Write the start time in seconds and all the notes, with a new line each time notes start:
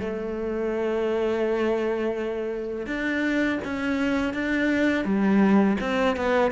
0.00 A3
2.86 D4
3.64 C#4
4.33 D4
5.04 G3
5.80 C4
6.16 B3